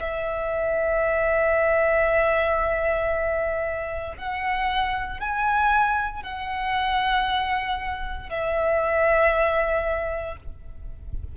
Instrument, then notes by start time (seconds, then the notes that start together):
violin
0.00 E5
4.18 F#5
5.20 G#5
6.23 F#5
8.29 E5